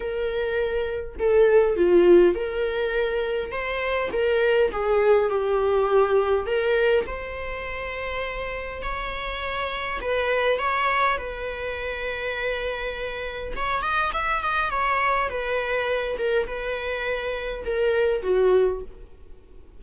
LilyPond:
\new Staff \with { instrumentName = "viola" } { \time 4/4 \tempo 4 = 102 ais'2 a'4 f'4 | ais'2 c''4 ais'4 | gis'4 g'2 ais'4 | c''2. cis''4~ |
cis''4 b'4 cis''4 b'4~ | b'2. cis''8 dis''8 | e''8 dis''8 cis''4 b'4. ais'8 | b'2 ais'4 fis'4 | }